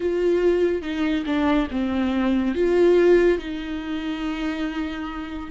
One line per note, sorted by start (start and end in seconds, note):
0.00 0.82 F4
0.82 1.24 D#4
1.26 1.68 D4
1.70 2.54 C4
2.54 3.38 F4
3.38 5.49 D#4